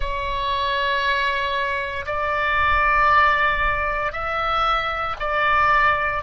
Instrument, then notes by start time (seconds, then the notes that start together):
oboe
0.00 C#5
2.05 D5
4.12 E5
5.19 D5